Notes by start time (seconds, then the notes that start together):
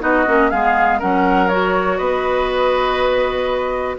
0.00 B3 D#4 F#4 D#5
0.27 A#3 C#4
0.50 G#3 B3 G#4 F5
0.99 F#3 C#4 A#4 F#5
1.48 F#4 C#5
1.98 B3 B4 D#5